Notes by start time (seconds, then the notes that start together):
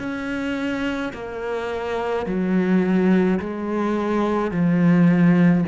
0.00 C#4
1.14 A#3
2.26 F#3
3.40 G#3
4.51 F3